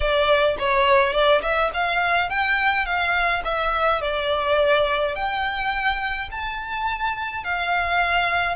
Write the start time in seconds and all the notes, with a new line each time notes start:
0.00 D5
0.58 C#5
1.12 D5
1.42 E5
1.73 F5
2.29 G5
2.85 F5
3.44 E5
4.01 D5
5.15 G5
6.31 A5
7.44 F5